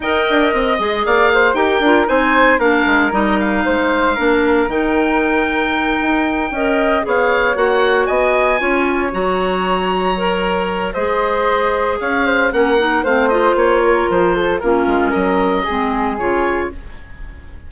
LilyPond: <<
  \new Staff \with { instrumentName = "oboe" } { \time 4/4 \tempo 4 = 115 g''4 dis''4 f''4 g''4 | gis''4 f''4 dis''8 f''4.~ | f''4 g''2.~ | g''4. f''4 fis''4 gis''8~ |
gis''4. ais''2~ ais''8~ | ais''4 dis''2 f''4 | fis''4 f''8 dis''8 cis''4 c''4 | ais'4 dis''2 cis''4 | }
  \new Staff \with { instrumentName = "flute" } { \time 4/4 dis''2 d''8 c''8 ais'4 | c''4 ais'2 c''4 | ais'1~ | ais'8 dis''4 cis''2 dis''8~ |
dis''8 cis''2.~ cis''8~ | cis''4 c''2 cis''8 c''8 | ais'4 c''4. ais'4 a'8 | f'4 ais'4 gis'2 | }
  \new Staff \with { instrumentName = "clarinet" } { \time 4/4 ais'4. gis'4. g'8 f'8 | dis'4 d'4 dis'2 | d'4 dis'2.~ | dis'8 ais'4 gis'4 fis'4.~ |
fis'8 f'4 fis'2 ais'8~ | ais'4 gis'2. | cis'8 dis'8 c'8 f'2~ f'8 | cis'2 c'4 f'4 | }
  \new Staff \with { instrumentName = "bassoon" } { \time 4/4 dis'8 d'8 c'8 gis8 ais4 dis'8 d'8 | c'4 ais8 gis8 g4 gis4 | ais4 dis2~ dis8 dis'8~ | dis'8 cis'4 b4 ais4 b8~ |
b8 cis'4 fis2~ fis8~ | fis4 gis2 cis'4 | ais4 a4 ais4 f4 | ais8 gis8 fis4 gis4 cis4 | }
>>